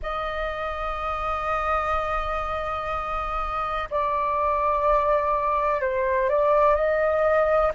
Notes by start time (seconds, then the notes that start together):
0.02 D#5
3.90 D5
5.81 C5
6.29 D5
6.75 D#5